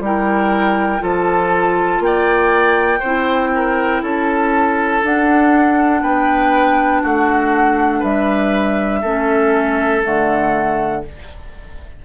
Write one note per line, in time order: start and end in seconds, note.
0.00 1.00 G3
0.00 0.99 E4
0.00 1.02 A#4
0.00 1.04 G5
0.99 1.99 F3
0.99 2.99 F4
0.99 2.02 A4
1.06 2.03 A5
1.99 2.99 A#3
1.99 4.03 G5
2.06 3.00 D5
3.00 4.03 C4
3.00 3.50 C5
3.06 5.03 E4
3.55 4.02 A#4
4.02 5.03 C#4
4.02 6.02 A4
4.02 5.04 A5
5.03 9.03 D4
5.03 6.02 D4
5.03 6.03 F#5
6.02 7.02 B3
6.02 7.02 B4
6.02 7.03 G5
7.02 8.03 A3
7.02 8.00 F#4
7.02 8.03 F#5
8.00 9.03 G3
8.00 9.00 B4
8.00 10.03 E5
9.02 10.03 A3
9.02 10.03 C#4
9.02 11.02 A4
10.03 11.05 D3
10.03 11.03 A3
10.03 11.05 F#5